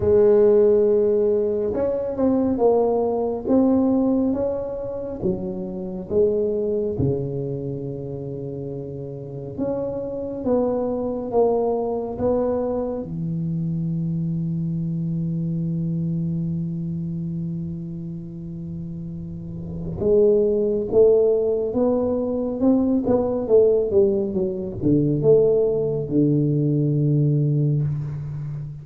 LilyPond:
\new Staff \with { instrumentName = "tuba" } { \time 4/4 \tempo 4 = 69 gis2 cis'8 c'8 ais4 | c'4 cis'4 fis4 gis4 | cis2. cis'4 | b4 ais4 b4 e4~ |
e1~ | e2. gis4 | a4 b4 c'8 b8 a8 g8 | fis8 d8 a4 d2 | }